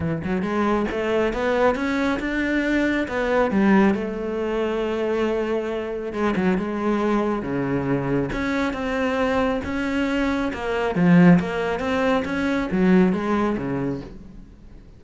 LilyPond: \new Staff \with { instrumentName = "cello" } { \time 4/4 \tempo 4 = 137 e8 fis8 gis4 a4 b4 | cis'4 d'2 b4 | g4 a2.~ | a2 gis8 fis8 gis4~ |
gis4 cis2 cis'4 | c'2 cis'2 | ais4 f4 ais4 c'4 | cis'4 fis4 gis4 cis4 | }